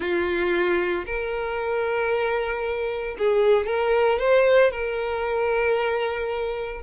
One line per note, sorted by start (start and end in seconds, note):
0.00 1.05 F4
1.06 3.16 A#4
3.18 3.66 G#4
3.66 4.19 A#4
4.19 4.71 C5
4.71 6.81 A#4